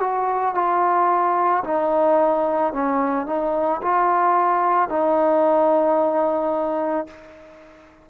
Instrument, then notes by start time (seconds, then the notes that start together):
trombone
0.00 F#4
0.55 F4
1.64 D#4
2.73 C#4
3.27 D#4
3.82 F4
4.89 D#4